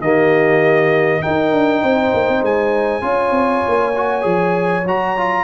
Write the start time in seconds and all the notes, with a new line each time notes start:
0.00 D#3 A#3 G4 D#5
1.22 D#4 A#4 G5
1.52 D4
1.82 C4 C5
2.13 A#3
2.29 C4
2.42 G#3 G#5
3.01 C#4 F4 C#5
3.31 C4
3.68 A#3
3.96 F#4
4.21 F3 G#4
4.85 F#3 F#4 A#5
5.17 F4